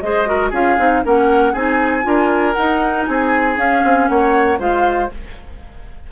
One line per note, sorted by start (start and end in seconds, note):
0.00 0.52 G#3
0.00 0.26 G#4
0.00 0.28 C5
0.00 0.51 D#5
0.26 0.51 F#4
0.26 0.50 A#4
0.50 0.77 C#4
0.50 0.78 F4
0.50 1.01 G#4
0.50 1.05 F5
0.78 1.04 C4
0.78 1.03 D#4
1.03 1.54 A#3
1.03 1.54 C#4
1.03 1.53 A#4
1.03 1.54 F#5
1.53 2.05 C4
1.53 2.03 D#4
1.53 2.03 G#4
1.53 2.53 G#5
2.03 2.56 D4
2.03 2.54 F4
2.03 3.09 A#4
2.53 3.07 D#4
2.53 3.58 D#4
2.53 3.04 F#5
3.06 3.57 C4
3.06 4.10 G#4
3.06 3.57 G#5
3.57 3.82 C#4
3.57 4.58 C#4
3.57 4.08 F5
3.84 4.09 C4
4.08 4.59 A#3
4.08 4.59 C#5
4.08 4.59 F#5
4.58 5.10 G#3
4.58 5.09 F4
4.58 5.10 C5
4.58 5.12 F5